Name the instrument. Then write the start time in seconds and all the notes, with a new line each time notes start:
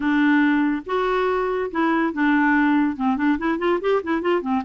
clarinet
0.00 D4
0.86 F#4
1.71 E4
2.13 D4
2.96 C4
3.17 D4
3.38 E4
3.58 F4
3.80 G4
4.03 E4
4.21 F4
4.41 C4